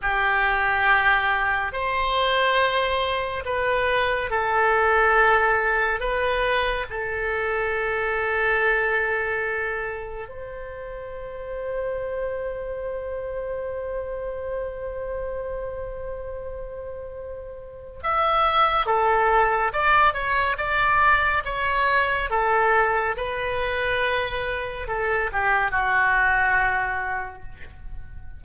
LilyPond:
\new Staff \with { instrumentName = "oboe" } { \time 4/4 \tempo 4 = 70 g'2 c''2 | b'4 a'2 b'4 | a'1 | c''1~ |
c''1~ | c''4 e''4 a'4 d''8 cis''8 | d''4 cis''4 a'4 b'4~ | b'4 a'8 g'8 fis'2 | }